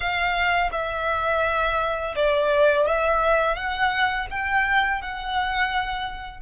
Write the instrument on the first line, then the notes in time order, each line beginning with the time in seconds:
violin
0.00 F5
0.72 E5
2.15 D5
2.86 E5
3.55 F#5
4.30 G5
5.01 F#5